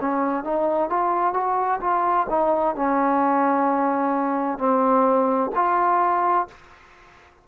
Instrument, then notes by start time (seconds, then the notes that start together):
trombone
0.00 C#4
0.44 D#4
0.89 F4
1.33 F#4
1.80 F4
2.30 D#4
2.75 C#4
4.58 C4
5.55 F4